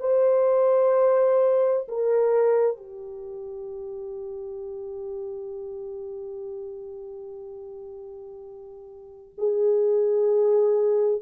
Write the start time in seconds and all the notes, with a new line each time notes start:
0.00 C5
1.88 A#4
2.77 G4
9.37 G#4